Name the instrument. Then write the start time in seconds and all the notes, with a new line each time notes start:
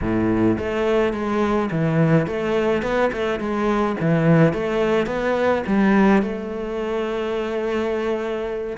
cello
0.01 A2
0.58 A3
1.13 G#3
1.71 E3
2.26 A3
2.82 B3
3.12 A3
3.39 G#3
4.00 E3
4.53 A3
5.06 B3
5.66 G3
6.22 A3